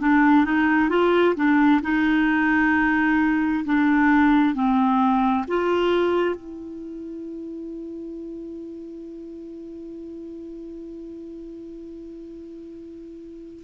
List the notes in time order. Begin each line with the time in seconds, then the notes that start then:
0.00 D4
0.45 D#4
0.89 F4
1.36 D4
1.83 D#4
3.65 D4
4.55 C4
5.48 F4
6.35 E4